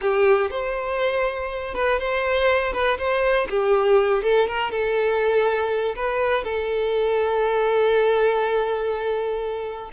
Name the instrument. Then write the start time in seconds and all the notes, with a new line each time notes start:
violin
0.01 G4
0.50 C5
1.74 B4
1.99 C5
2.73 B4
2.98 C5
3.49 G4
4.22 A4
4.47 A#4
4.71 A4
5.95 B4
6.43 A4